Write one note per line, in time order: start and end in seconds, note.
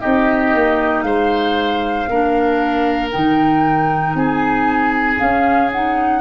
0.00 0.54 C4
0.00 2.07 D#4
0.00 1.04 G4
0.00 1.01 D#5
0.54 1.03 A#3
1.01 2.06 G#3
1.01 2.09 C5
1.01 3.08 F5
2.09 3.12 A#3
2.09 3.11 D4
2.09 4.17 A#4
3.11 4.14 D#3
3.11 5.18 D#4
3.11 4.15 G5
4.14 5.18 C4
4.14 6.20 G#4
4.14 5.18 G#5
5.18 5.70 C#4
5.18 6.20 C#4
5.18 5.70 F5
5.72 6.20 D#4
5.72 6.20 F#5